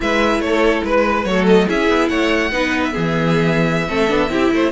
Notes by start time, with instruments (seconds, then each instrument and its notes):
0.00 cello G#3, viola E4, violin B4 E5
0.39 cello A3, violin A4 C#5
0.83 cello G#3, violin B4
1.24 cello F#3, viola A3, violin A4 C#5
1.47 violin D#5
1.67 cello C#4, viola E4, violin G#4 E5
1.88 cello B3
2.08 cello A3, violin C#5 F#5
2.51 cello B3, viola D#4, violin B4
2.83 violin E5
2.92 cello E3, viola B3, violin G#4
3.87 cello A3, viola C4, violin A4
4.08 cello B3, viola D4
4.29 cello C4, viola E4, violin G4
4.51 cello A3, violin C5